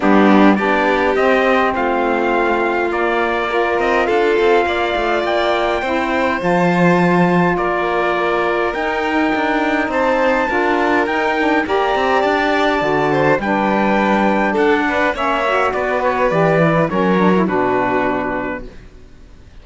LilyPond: <<
  \new Staff \with { instrumentName = "trumpet" } { \time 4/4 \tempo 4 = 103 g'4 d''4 dis''4 f''4~ | f''4 d''4. dis''8 f''4~ | f''4 g''2 a''4~ | a''4 d''2 g''4~ |
g''4 a''2 g''4 | ais''4 a''2 g''4~ | g''4 fis''4 e''4 d''8 cis''8 | d''4 cis''4 b'2 | }
  \new Staff \with { instrumentName = "violin" } { \time 4/4 d'4 g'2 f'4~ | f'2 ais'4 a'4 | d''2 c''2~ | c''4 ais'2.~ |
ais'4 c''4 ais'2 | d''2~ d''8 c''8 b'4~ | b'4 a'8 b'8 cis''4 b'4~ | b'4 ais'4 fis'2 | }
  \new Staff \with { instrumentName = "saxophone" } { \time 4/4 b4 d'4 c'2~ | c'4 ais4 f'2~ | f'2 e'4 f'4~ | f'2. dis'4~ |
dis'2 f'4 dis'8 d'8 | g'2 fis'4 d'4~ | d'2 cis'8 fis'4. | g'8 e'8 cis'8 d'16 e'16 d'2 | }
  \new Staff \with { instrumentName = "cello" } { \time 4/4 g4 b4 c'4 a4~ | a4 ais4. c'8 d'8 c'8 | ais8 a8 ais4 c'4 f4~ | f4 ais2 dis'4 |
d'4 c'4 d'4 dis'4 | ais8 c'8 d'4 d4 g4~ | g4 d'4 ais4 b4 | e4 fis4 b,2 | }
>>